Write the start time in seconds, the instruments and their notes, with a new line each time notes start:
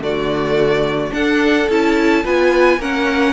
0.00 cello D3, viola A3, violin F#4 D5
1.11 viola D4, cello D4, violin A4 F#5
1.69 cello C#4, viola E4, violin A5
2.24 cello B3, viola F4, violin B4 G#5
2.78 cello A#3, viola C#4, violin A#4 F#5